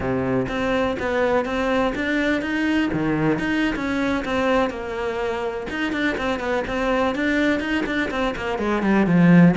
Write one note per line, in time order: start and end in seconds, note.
0.00 0.47 C3
0.48 0.97 C4
0.99 1.45 B3
1.45 1.93 C4
1.95 2.41 D4
2.41 2.90 D#4
2.93 3.38 D#3
3.38 3.75 D#4
3.75 4.24 C#4
4.24 4.70 C4
4.70 5.67 A#3
5.70 5.92 D#4
5.92 6.16 D4
6.17 6.39 C4
6.39 6.63 B3
6.67 7.15 C4
7.15 7.60 D4
7.60 7.84 D#4
7.85 8.10 D4
8.10 8.35 C4
8.36 8.58 A#3
8.58 8.82 G#3
8.82 9.06 G3
9.06 9.55 F3